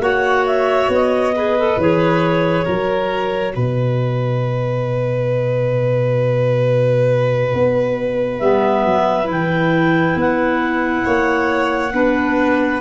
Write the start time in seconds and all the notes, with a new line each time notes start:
0.00 A#3 F#4 C#5 F#5
0.47 E5
0.89 B3 D#5
1.36 G#4 B4
1.59 A4
1.78 E3 G#4 C#5
2.65 F#3 F#4 A#4
3.56 B2 B4 D#5
7.54 B3
8.40 G3 B3 E5
8.86 F#3
9.24 E3 E4
9.32 G5
10.16 B3 F#5
11.05 A#3 C#5
11.94 B3 D4 B4